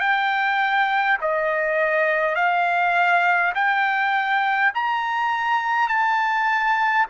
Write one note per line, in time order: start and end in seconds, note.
0.00 1.18 G5
1.21 2.35 D#5
2.35 3.53 F5
3.55 4.73 G5
4.74 5.88 A#5
5.88 7.06 A5